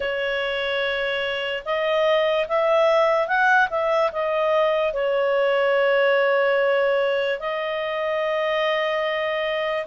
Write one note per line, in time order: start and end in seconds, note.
0.00 1.63 C#5
1.65 2.47 D#5
2.48 3.27 E5
3.27 3.68 F#5
3.70 4.11 E5
4.11 4.93 D#5
4.93 7.39 C#5
7.39 9.86 D#5